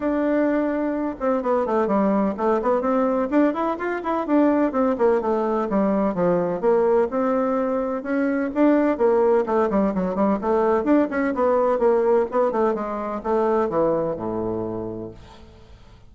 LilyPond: \new Staff \with { instrumentName = "bassoon" } { \time 4/4 \tempo 4 = 127 d'2~ d'8 c'8 b8 a8 | g4 a8 b8 c'4 d'8 e'8 | f'8 e'8 d'4 c'8 ais8 a4 | g4 f4 ais4 c'4~ |
c'4 cis'4 d'4 ais4 | a8 g8 fis8 g8 a4 d'8 cis'8 | b4 ais4 b8 a8 gis4 | a4 e4 a,2 | }